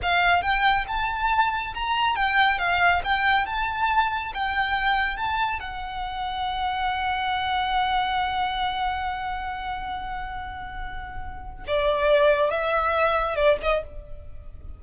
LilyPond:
\new Staff \with { instrumentName = "violin" } { \time 4/4 \tempo 4 = 139 f''4 g''4 a''2 | ais''4 g''4 f''4 g''4 | a''2 g''2 | a''4 fis''2.~ |
fis''1~ | fis''1~ | fis''2. d''4~ | d''4 e''2 d''8 dis''8 | }